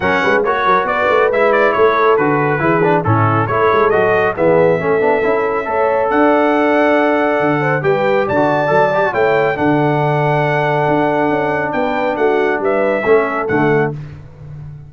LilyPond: <<
  \new Staff \with { instrumentName = "trumpet" } { \time 4/4 \tempo 4 = 138 fis''4 cis''4 d''4 e''8 d''8 | cis''4 b'2 a'4 | cis''4 dis''4 e''2~ | e''2 fis''2~ |
fis''2 g''4 a''4~ | a''4 g''4 fis''2~ | fis''2. g''4 | fis''4 e''2 fis''4 | }
  \new Staff \with { instrumentName = "horn" } { \time 4/4 ais'8 b'8 cis''8 ais'8 b'2 | a'2 gis'4 e'4 | a'2 gis'4 a'4~ | a'4 cis''4 d''2~ |
d''4. c''8 b'4 d''4~ | d''4 cis''4 a'2~ | a'2. b'4 | fis'4 b'4 a'2 | }
  \new Staff \with { instrumentName = "trombone" } { \time 4/4 cis'4 fis'2 e'4~ | e'4 fis'4 e'8 d'8 cis'4 | e'4 fis'4 b4 cis'8 d'8 | e'4 a'2.~ |
a'2 g'4~ g'16 fis'8. | a'8 g'16 fis'16 e'4 d'2~ | d'1~ | d'2 cis'4 a4 | }
  \new Staff \with { instrumentName = "tuba" } { \time 4/4 fis8 gis8 ais8 fis8 b8 a8 gis4 | a4 d4 e4 a,4 | a8 gis8 fis4 e4 a8 b8 | cis'4 a4 d'2~ |
d'4 d4 g4 d4 | fis4 a4 d2~ | d4 d'4 cis'4 b4 | a4 g4 a4 d4 | }
>>